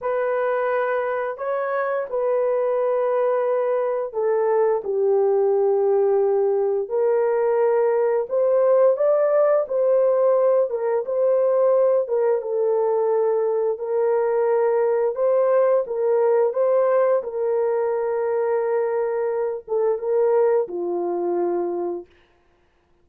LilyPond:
\new Staff \with { instrumentName = "horn" } { \time 4/4 \tempo 4 = 87 b'2 cis''4 b'4~ | b'2 a'4 g'4~ | g'2 ais'2 | c''4 d''4 c''4. ais'8 |
c''4. ais'8 a'2 | ais'2 c''4 ais'4 | c''4 ais'2.~ | ais'8 a'8 ais'4 f'2 | }